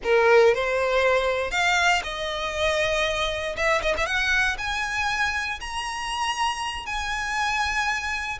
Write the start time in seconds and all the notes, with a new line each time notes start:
0.03 A#4
0.54 C5
1.51 F5
2.03 D#5
3.56 E5
3.82 D#5
3.97 E5
4.06 F#5
4.58 G#5
5.60 A#5
6.86 G#5